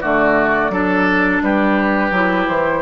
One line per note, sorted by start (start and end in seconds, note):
0.00 0.69 D3
0.00 0.72 A3
0.00 0.71 F#4
0.00 1.41 D5
0.69 1.40 F#3
0.69 2.13 D4
0.69 1.42 A4
1.41 2.11 G3
1.41 2.81 G4
1.41 2.47 B4
2.11 2.46 F#3
2.11 2.81 E4
2.47 2.81 E3
2.47 2.81 C5